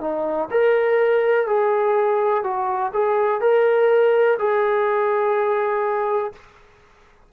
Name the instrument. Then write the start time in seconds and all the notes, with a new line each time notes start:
trombone
0.00 D#4
0.51 A#4
1.46 G#4
2.43 F#4
2.93 G#4
3.40 A#4
4.39 G#4